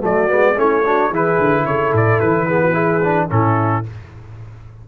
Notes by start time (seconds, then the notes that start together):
0.00 F#3 A3 F#4 D5
0.27 G#3 B3
0.56 A3 C#4 E4 C#5
0.85 D4 F#4
1.09 E3 E4 G#4 B4
1.38 D3
1.65 C#3 A4 C#5
1.92 A2 D5
2.19 E3 B4
2.47 B3 G#4
2.62 F#4
2.72 E4 G#4
3.04 D4
3.29 A2 C#4 E4 A4